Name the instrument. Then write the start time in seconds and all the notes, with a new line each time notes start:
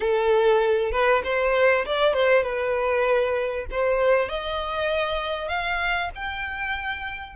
violin
0.00 A4
0.91 B4
1.24 C5
1.85 D5
2.13 C5
2.43 B4
3.70 C5
4.28 D#5
5.48 F5
6.15 G5